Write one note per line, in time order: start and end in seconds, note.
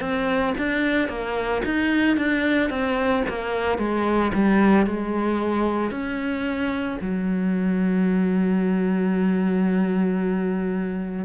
0.00 0.54 C4
0.57 1.09 D4
1.09 1.62 A#3
1.65 2.17 D#4
2.17 2.70 D4
2.70 3.23 C4
3.29 3.78 A#3
3.78 4.31 G#3
4.34 4.86 G3
4.86 5.90 G#3
5.90 6.97 C#4
7.01 11.25 F#3